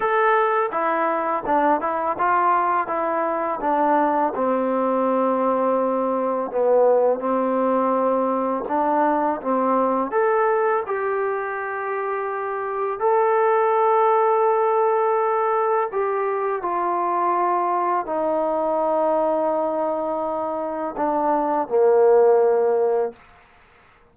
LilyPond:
\new Staff \with { instrumentName = "trombone" } { \time 4/4 \tempo 4 = 83 a'4 e'4 d'8 e'8 f'4 | e'4 d'4 c'2~ | c'4 b4 c'2 | d'4 c'4 a'4 g'4~ |
g'2 a'2~ | a'2 g'4 f'4~ | f'4 dis'2.~ | dis'4 d'4 ais2 | }